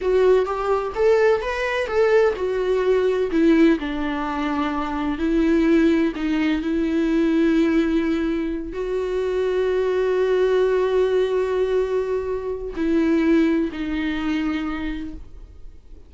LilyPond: \new Staff \with { instrumentName = "viola" } { \time 4/4 \tempo 4 = 127 fis'4 g'4 a'4 b'4 | a'4 fis'2 e'4 | d'2. e'4~ | e'4 dis'4 e'2~ |
e'2~ e'8 fis'4.~ | fis'1~ | fis'2. e'4~ | e'4 dis'2. | }